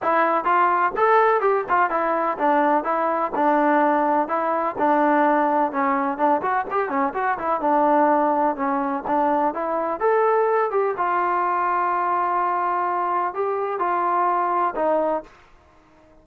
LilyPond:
\new Staff \with { instrumentName = "trombone" } { \time 4/4 \tempo 4 = 126 e'4 f'4 a'4 g'8 f'8 | e'4 d'4 e'4 d'4~ | d'4 e'4 d'2 | cis'4 d'8 fis'8 g'8 cis'8 fis'8 e'8 |
d'2 cis'4 d'4 | e'4 a'4. g'8 f'4~ | f'1 | g'4 f'2 dis'4 | }